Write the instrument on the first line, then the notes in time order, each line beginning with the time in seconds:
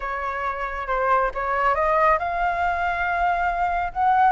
flute
0.00 C#5
0.87 C5
1.34 C#5
1.75 D#5
2.18 F5
3.92 F#5